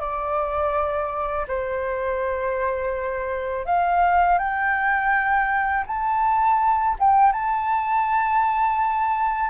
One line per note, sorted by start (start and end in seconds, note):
0.00 1.46 D5
1.48 3.66 C5
3.66 4.38 F5
4.38 5.85 G5
5.87 6.96 A5
6.99 7.32 G5
7.32 9.50 A5